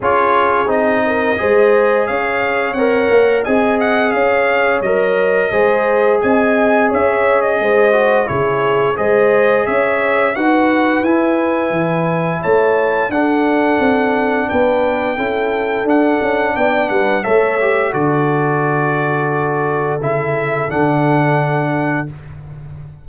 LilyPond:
<<
  \new Staff \with { instrumentName = "trumpet" } { \time 4/4 \tempo 4 = 87 cis''4 dis''2 f''4 | fis''4 gis''8 fis''8 f''4 dis''4~ | dis''4 gis''4 e''8. dis''4~ dis''16 | cis''4 dis''4 e''4 fis''4 |
gis''2 a''4 fis''4~ | fis''4 g''2 fis''4 | g''8 fis''8 e''4 d''2~ | d''4 e''4 fis''2 | }
  \new Staff \with { instrumentName = "horn" } { \time 4/4 gis'4. ais'8 c''4 cis''4~ | cis''4 dis''4 cis''2 | c''4 dis''4 cis''4 c''4 | gis'4 c''4 cis''4 b'4~ |
b'2 cis''4 a'4~ | a'4 b'4 a'2 | d''8 b'8 cis''4 a'2~ | a'1 | }
  \new Staff \with { instrumentName = "trombone" } { \time 4/4 f'4 dis'4 gis'2 | ais'4 gis'2 ais'4 | gis'2.~ gis'8 fis'8 | e'4 gis'2 fis'4 |
e'2. d'4~ | d'2 e'4 d'4~ | d'4 a'8 g'8 fis'2~ | fis'4 e'4 d'2 | }
  \new Staff \with { instrumentName = "tuba" } { \time 4/4 cis'4 c'4 gis4 cis'4 | c'8 ais8 c'4 cis'4 fis4 | gis4 c'4 cis'4 gis4 | cis4 gis4 cis'4 dis'4 |
e'4 e4 a4 d'4 | c'4 b4 cis'4 d'8 cis'8 | b8 g8 a4 d2~ | d4 cis4 d2 | }
>>